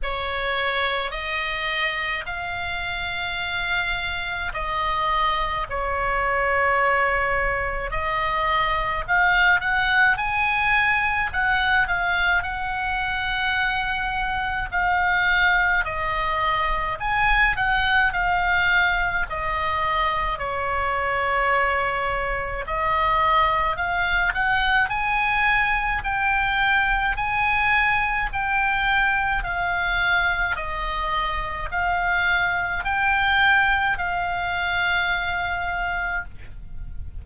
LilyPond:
\new Staff \with { instrumentName = "oboe" } { \time 4/4 \tempo 4 = 53 cis''4 dis''4 f''2 | dis''4 cis''2 dis''4 | f''8 fis''8 gis''4 fis''8 f''8 fis''4~ | fis''4 f''4 dis''4 gis''8 fis''8 |
f''4 dis''4 cis''2 | dis''4 f''8 fis''8 gis''4 g''4 | gis''4 g''4 f''4 dis''4 | f''4 g''4 f''2 | }